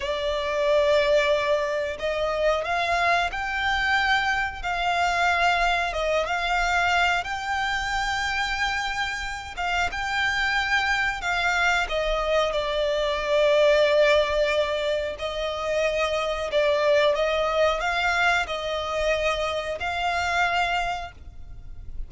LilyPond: \new Staff \with { instrumentName = "violin" } { \time 4/4 \tempo 4 = 91 d''2. dis''4 | f''4 g''2 f''4~ | f''4 dis''8 f''4. g''4~ | g''2~ g''8 f''8 g''4~ |
g''4 f''4 dis''4 d''4~ | d''2. dis''4~ | dis''4 d''4 dis''4 f''4 | dis''2 f''2 | }